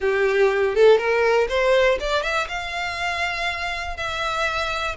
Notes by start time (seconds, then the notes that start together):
0.00 G4
0.75 A4
0.98 A#4
1.49 C5
2.00 D5
2.22 E5
2.48 F5
3.96 E5